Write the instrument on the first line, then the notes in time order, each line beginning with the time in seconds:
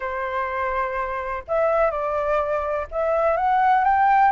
flute
0.00 C5
1.47 E5
1.90 D5
2.91 E5
3.36 F#5
3.84 G5